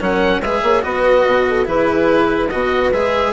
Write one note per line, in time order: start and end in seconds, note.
0.00 0.40 F#3
0.00 0.42 C#4
0.00 0.41 A#4
0.00 0.42 F#5
0.40 0.61 G#3
0.40 0.82 G#4
0.40 0.61 B4
0.40 0.83 E5
0.62 0.83 A#3
0.62 0.84 C#5
0.82 1.25 B3
0.82 1.65 F#4
0.82 1.48 B4
0.82 1.66 D#5
1.25 1.67 B2
1.48 1.67 A4
1.65 2.51 E3
1.65 2.48 E4
1.65 2.50 G#4
1.65 2.49 B4
2.49 2.92 B2
2.49 2.92 F#4
2.49 3.33 B4
2.49 2.91 D#5
2.92 3.33 G#3
2.92 3.33 G#4
2.92 3.33 E5